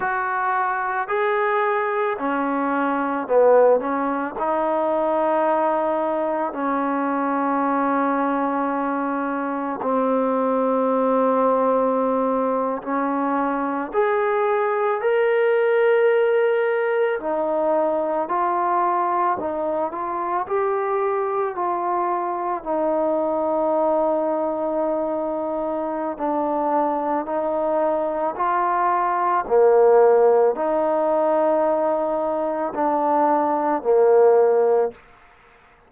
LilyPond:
\new Staff \with { instrumentName = "trombone" } { \time 4/4 \tempo 4 = 55 fis'4 gis'4 cis'4 b8 cis'8 | dis'2 cis'2~ | cis'4 c'2~ c'8. cis'16~ | cis'8. gis'4 ais'2 dis'16~ |
dis'8. f'4 dis'8 f'8 g'4 f'16~ | f'8. dis'2.~ dis'16 | d'4 dis'4 f'4 ais4 | dis'2 d'4 ais4 | }